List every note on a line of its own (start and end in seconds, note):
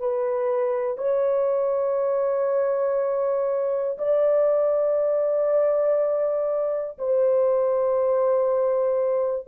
0.00 0.98 B4
0.98 3.98 C#5
3.99 6.99 D5
6.99 9.48 C5